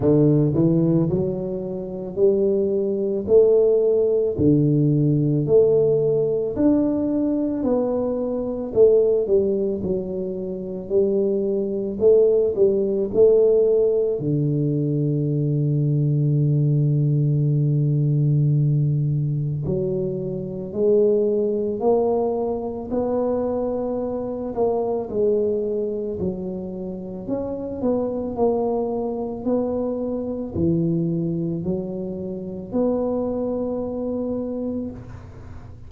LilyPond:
\new Staff \with { instrumentName = "tuba" } { \time 4/4 \tempo 4 = 55 d8 e8 fis4 g4 a4 | d4 a4 d'4 b4 | a8 g8 fis4 g4 a8 g8 | a4 d2.~ |
d2 fis4 gis4 | ais4 b4. ais8 gis4 | fis4 cis'8 b8 ais4 b4 | e4 fis4 b2 | }